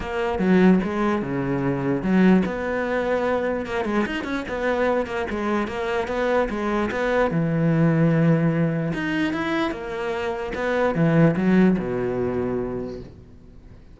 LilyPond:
\new Staff \with { instrumentName = "cello" } { \time 4/4 \tempo 4 = 148 ais4 fis4 gis4 cis4~ | cis4 fis4 b2~ | b4 ais8 gis8 dis'8 cis'8 b4~ | b8 ais8 gis4 ais4 b4 |
gis4 b4 e2~ | e2 dis'4 e'4 | ais2 b4 e4 | fis4 b,2. | }